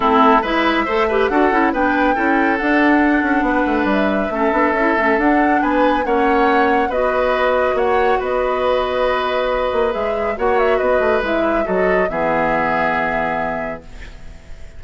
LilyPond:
<<
  \new Staff \with { instrumentName = "flute" } { \time 4/4 \tempo 4 = 139 a'4 e''2 fis''4 | g''2 fis''2~ | fis''4 e''2. | fis''4 gis''4 fis''2 |
dis''2 fis''4 dis''4~ | dis''2. e''4 | fis''8 e''8 dis''4 e''4 dis''4 | e''1 | }
  \new Staff \with { instrumentName = "oboe" } { \time 4/4 e'4 b'4 c''8 b'8 a'4 | b'4 a'2. | b'2 a'2~ | a'4 b'4 cis''2 |
b'2 cis''4 b'4~ | b'1 | cis''4 b'2 a'4 | gis'1 | }
  \new Staff \with { instrumentName = "clarinet" } { \time 4/4 c'4 e'4 a'8 g'8 fis'8 e'8 | d'4 e'4 d'2~ | d'2 cis'8 d'8 e'8 cis'8 | d'2 cis'2 |
fis'1~ | fis'2. gis'4 | fis'2 e'4 fis'4 | b1 | }
  \new Staff \with { instrumentName = "bassoon" } { \time 4/4 a4 gis4 a4 d'8 cis'8 | b4 cis'4 d'4. cis'8 | b8 a8 g4 a8 b8 cis'8 a8 | d'4 b4 ais2 |
b2 ais4 b4~ | b2~ b8 ais8 gis4 | ais4 b8 a8 gis4 fis4 | e1 | }
>>